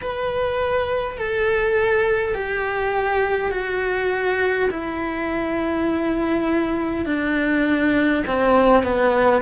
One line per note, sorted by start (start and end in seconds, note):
0.01 1.18 B4
1.18 2.34 A4
2.34 3.51 G4
3.51 4.68 F#4
4.71 7.05 E4
7.05 8.23 D4
8.27 8.83 C4
8.83 9.42 B3